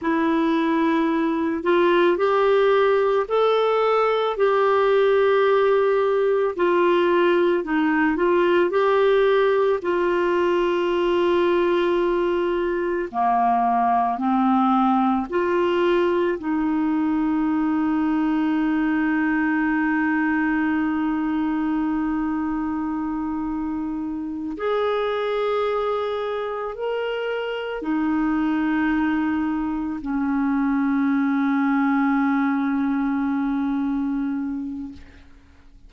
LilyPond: \new Staff \with { instrumentName = "clarinet" } { \time 4/4 \tempo 4 = 55 e'4. f'8 g'4 a'4 | g'2 f'4 dis'8 f'8 | g'4 f'2. | ais4 c'4 f'4 dis'4~ |
dis'1~ | dis'2~ dis'8 gis'4.~ | gis'8 ais'4 dis'2 cis'8~ | cis'1 | }